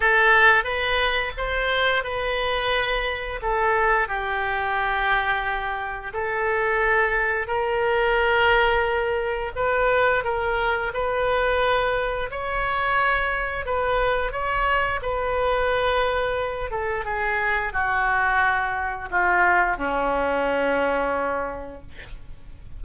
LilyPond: \new Staff \with { instrumentName = "oboe" } { \time 4/4 \tempo 4 = 88 a'4 b'4 c''4 b'4~ | b'4 a'4 g'2~ | g'4 a'2 ais'4~ | ais'2 b'4 ais'4 |
b'2 cis''2 | b'4 cis''4 b'2~ | b'8 a'8 gis'4 fis'2 | f'4 cis'2. | }